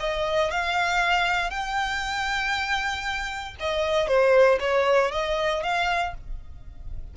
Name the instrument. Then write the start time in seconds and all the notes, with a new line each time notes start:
violin
0.00 D#5
0.51 F5
1.50 G5
3.60 D#5
4.07 C5
4.60 C#5
5.12 D#5
5.63 F5